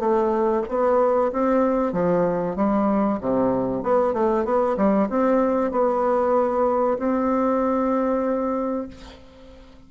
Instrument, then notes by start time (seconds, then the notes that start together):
bassoon
0.00 A3
0.69 B3
1.33 C4
1.93 F3
2.56 G3
3.21 C3
3.83 B3
4.14 A3
4.45 B3
4.77 G3
5.10 C4
5.72 B3
6.99 C4